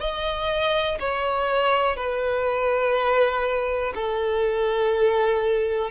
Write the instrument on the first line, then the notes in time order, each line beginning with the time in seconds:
violin
0.00 D#5
1.00 C#5
1.97 B4
3.95 A4